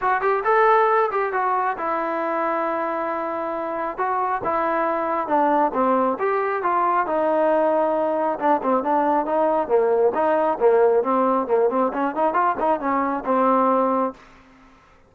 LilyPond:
\new Staff \with { instrumentName = "trombone" } { \time 4/4 \tempo 4 = 136 fis'8 g'8 a'4. g'8 fis'4 | e'1~ | e'4 fis'4 e'2 | d'4 c'4 g'4 f'4 |
dis'2. d'8 c'8 | d'4 dis'4 ais4 dis'4 | ais4 c'4 ais8 c'8 cis'8 dis'8 | f'8 dis'8 cis'4 c'2 | }